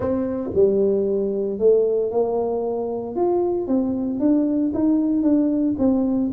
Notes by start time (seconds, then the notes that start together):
0.00 C4
0.54 G3
1.58 A3
2.11 A#3
3.15 F4
3.67 C4
4.19 D4
4.74 D#4
5.22 D4
5.78 C4